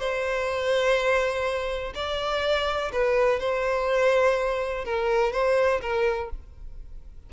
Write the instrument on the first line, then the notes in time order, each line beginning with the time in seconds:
violin
0.00 C5
1.95 D5
2.93 B4
3.40 C5
4.85 A#4
5.33 C5
5.82 A#4